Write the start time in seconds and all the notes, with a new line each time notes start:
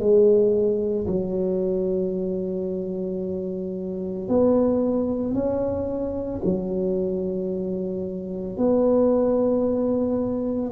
0.00 G#3
1.07 F#3
4.29 B3
5.34 C#4
6.45 F#3
8.58 B3